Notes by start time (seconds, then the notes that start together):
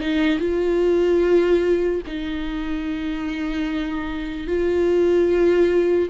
0.00 D#4
0.39 F4
2.06 D#4
4.47 F4